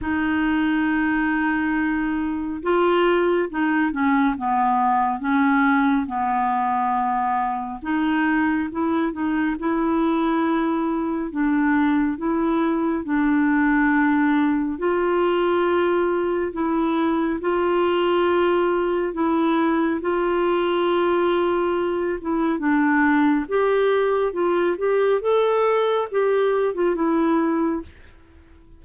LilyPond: \new Staff \with { instrumentName = "clarinet" } { \time 4/4 \tempo 4 = 69 dis'2. f'4 | dis'8 cis'8 b4 cis'4 b4~ | b4 dis'4 e'8 dis'8 e'4~ | e'4 d'4 e'4 d'4~ |
d'4 f'2 e'4 | f'2 e'4 f'4~ | f'4. e'8 d'4 g'4 | f'8 g'8 a'4 g'8. f'16 e'4 | }